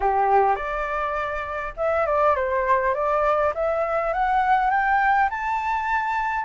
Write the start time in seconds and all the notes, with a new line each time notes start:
0.00 G4
0.55 D5
1.76 E5
2.06 D5
2.35 C5
2.94 D5
3.54 E5
4.13 F#5
4.70 G5
5.29 A5